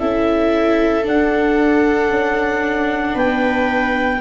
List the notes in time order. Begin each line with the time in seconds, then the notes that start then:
0.00 C#4 E4 A4 E5
1.04 D4 F#5
2.09 C#4
3.14 B3 B4 G5